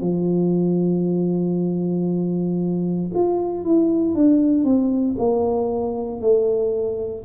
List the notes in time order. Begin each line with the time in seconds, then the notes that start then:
0.00 F3
3.14 F4
3.64 E4
4.14 D4
4.64 C4
5.18 A#3
6.21 A3